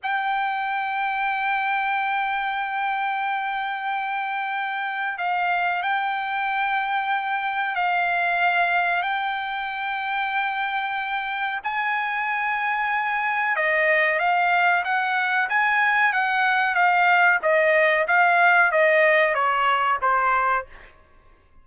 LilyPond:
\new Staff \with { instrumentName = "trumpet" } { \time 4/4 \tempo 4 = 93 g''1~ | g''1 | f''4 g''2. | f''2 g''2~ |
g''2 gis''2~ | gis''4 dis''4 f''4 fis''4 | gis''4 fis''4 f''4 dis''4 | f''4 dis''4 cis''4 c''4 | }